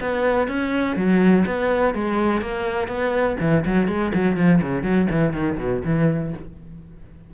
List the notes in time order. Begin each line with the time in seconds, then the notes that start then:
0.00 B3
0.48 C#4
0.96 F#3
1.46 B3
1.94 G#3
2.41 A#3
2.88 B3
3.40 E3
3.66 F#3
3.88 G#3
4.14 F#3
4.37 F3
4.62 C#3
4.83 F#3
5.11 E3
5.33 D#3
5.58 B2
5.85 E3